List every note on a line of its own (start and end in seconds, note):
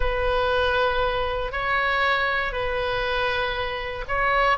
0.00 1.52 B4
1.52 2.52 C#5
2.52 4.04 B4
4.08 4.57 C#5